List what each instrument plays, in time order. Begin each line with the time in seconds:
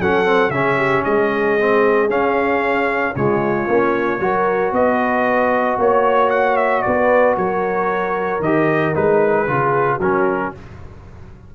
0.00 tuba F#3, trombone C#4, horn A4, trumpet F#5
0.25 trombone C4
0.49 tuba C#3, trombone C#4, horn G#4, trumpet E5
0.77 horn G4
1.04 tuba G#3, horn G#4, trumpet D#5
1.59 trombone C4
2.08 trombone C#4, tuba C#4, trumpet F5
3.15 tuba C#3, trombone G#3, horn F4, trumpet C#5
3.67 tuba A#3, trombone C#4
4.19 tuba F#3, trombone F#4, horn A#4
4.72 tuba B3, horn B4, trumpet D#5
5.78 tuba A#3, horn C#5, trumpet C#5
6.30 trumpet F#5
6.56 trumpet E5
6.82 tuba B3, horn B4, trumpet D5
7.37 tuba F#3, horn A#4, trumpet C#5
8.39 tuba D#3, trombone G4, trumpet D#5
8.94 tuba G#3, trombone D#4, trumpet B4
9.47 tuba C#3, trombone F4, horn G#4
9.95 tuba F#3, horn F#4, trumpet A#4
10.02 trombone C#4